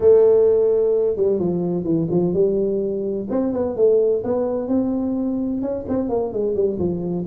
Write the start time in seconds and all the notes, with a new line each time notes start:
0.00 A3
1.16 G3
1.39 F3
1.83 E3
2.10 F3
2.33 G3
3.30 C4
3.52 B3
3.76 A3
4.24 B3
4.67 C4
5.61 C#4
5.88 C4
6.09 A#3
6.32 G#3
6.55 G3
6.78 F3